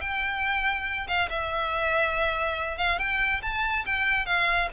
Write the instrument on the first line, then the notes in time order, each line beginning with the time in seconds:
violin
0.00 G5
1.07 F5
1.29 E5
2.77 F5
2.98 G5
3.42 A5
3.86 G5
4.25 F5